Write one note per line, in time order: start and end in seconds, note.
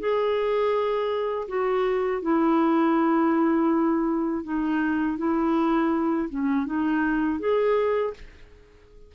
0.00 1.48 G#4
1.48 2.22 F#4
2.22 4.44 E4
4.44 5.18 D#4
5.18 6.29 E4
6.30 6.67 C#4
6.67 7.40 D#4
7.40 8.14 G#4